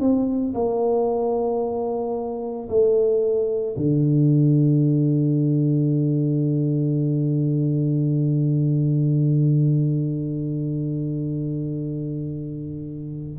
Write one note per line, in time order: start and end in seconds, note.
0.00 0.54 C4
0.54 2.68 A#3
2.69 3.76 A3
3.77 13.39 D3